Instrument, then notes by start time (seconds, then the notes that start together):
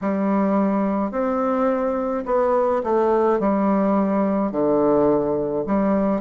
bassoon
0.01 G3
1.11 C4
2.25 B3
2.83 A3
3.39 G3
4.51 D3
5.66 G3